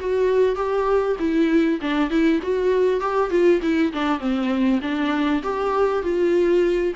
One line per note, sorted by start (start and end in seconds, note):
0.00 0.56 F#4
0.56 1.17 G4
1.20 1.80 E4
1.82 2.10 D4
2.10 2.40 E4
2.43 3.01 F#4
3.01 3.31 G4
3.31 3.61 F4
3.63 3.93 E4
3.93 4.20 D4
4.20 4.80 C4
4.82 5.43 D4
5.43 6.03 G4
6.03 6.94 F4